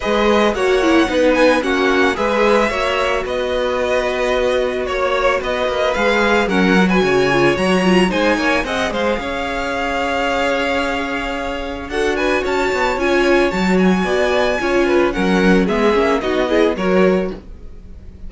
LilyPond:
<<
  \new Staff \with { instrumentName = "violin" } { \time 4/4 \tempo 4 = 111 dis''4 fis''4. gis''8 fis''4 | e''2 dis''2~ | dis''4 cis''4 dis''4 f''4 | fis''8. gis''4~ gis''16 ais''4 gis''4 |
fis''8 f''2.~ f''8~ | f''2 fis''8 gis''8 a''4 | gis''4 a''8 gis''2~ gis''8 | fis''4 e''4 dis''4 cis''4 | }
  \new Staff \with { instrumentName = "violin" } { \time 4/4 b'4 cis''4 b'4 fis'4 | b'4 cis''4 b'2~ | b'4 cis''4 b'2 | ais'8. b'16 cis''2 c''8 cis''8 |
dis''8 c''8 cis''2.~ | cis''2 a'8 b'8 cis''4~ | cis''2 d''4 cis''8 b'8 | ais'4 gis'4 fis'8 gis'8 ais'4 | }
  \new Staff \with { instrumentName = "viola" } { \time 4/4 gis'4 fis'8 e'8 dis'4 cis'4 | gis'4 fis'2.~ | fis'2. gis'4 | cis'8 fis'4 f'8 fis'8 f'8 dis'4 |
gis'1~ | gis'2 fis'2 | f'4 fis'2 f'4 | cis'4 b8 cis'8 dis'8 e'8 fis'4 | }
  \new Staff \with { instrumentName = "cello" } { \time 4/4 gis4 ais4 b4 ais4 | gis4 ais4 b2~ | b4 ais4 b8 ais8 gis4 | fis4 cis4 fis4 gis8 ais8 |
c'8 gis8 cis'2.~ | cis'2 d'4 cis'8 b8 | cis'4 fis4 b4 cis'4 | fis4 gis8 ais8 b4 fis4 | }
>>